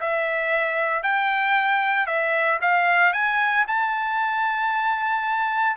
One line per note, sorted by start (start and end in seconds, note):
0.00 1.03 E5
1.03 2.06 G5
2.06 2.59 E5
2.61 3.12 F5
3.12 3.65 G#5
3.67 5.76 A5